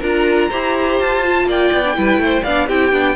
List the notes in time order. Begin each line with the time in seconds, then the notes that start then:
0.00 D4 F4 A#4 A#5
0.50 E4 G4 C5
1.00 F4 A5
1.24 F4
1.46 A#3 D5 G5
1.73 B3
1.85 D4
1.95 G3 E4 B4
2.18 A3
2.25 C5
2.44 B3 D4 D5 F5
2.67 C4 E4 G4 G5
2.92 B3 D4